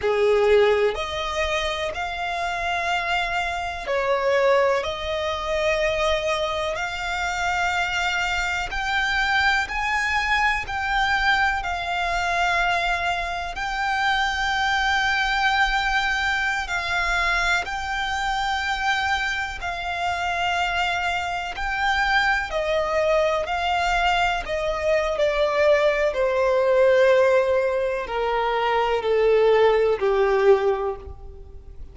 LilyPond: \new Staff \with { instrumentName = "violin" } { \time 4/4 \tempo 4 = 62 gis'4 dis''4 f''2 | cis''4 dis''2 f''4~ | f''4 g''4 gis''4 g''4 | f''2 g''2~ |
g''4~ g''16 f''4 g''4.~ g''16~ | g''16 f''2 g''4 dis''8.~ | dis''16 f''4 dis''8. d''4 c''4~ | c''4 ais'4 a'4 g'4 | }